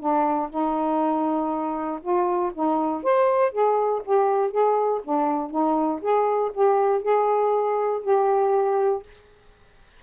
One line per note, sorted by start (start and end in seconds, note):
0.00 0.50 D4
0.50 2.00 D#4
2.02 2.52 F4
2.54 3.04 D#4
3.04 3.52 C5
3.52 4.02 G#4
4.05 4.52 G4
4.52 5.02 G#4
5.04 5.50 D4
5.50 6.00 D#4
6.02 6.52 G#4
6.54 7.03 G4
7.03 8.03 G#4
8.03 9.03 G4